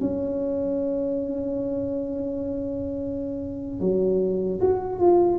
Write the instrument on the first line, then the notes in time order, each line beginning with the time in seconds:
tuba
0.00 C#4
3.80 F#3
4.61 F#4
4.99 F4